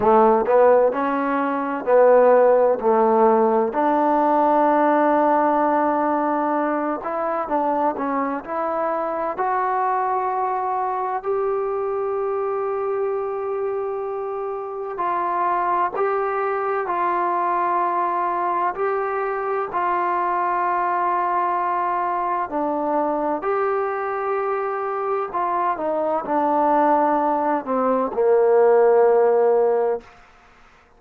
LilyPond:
\new Staff \with { instrumentName = "trombone" } { \time 4/4 \tempo 4 = 64 a8 b8 cis'4 b4 a4 | d'2.~ d'8 e'8 | d'8 cis'8 e'4 fis'2 | g'1 |
f'4 g'4 f'2 | g'4 f'2. | d'4 g'2 f'8 dis'8 | d'4. c'8 ais2 | }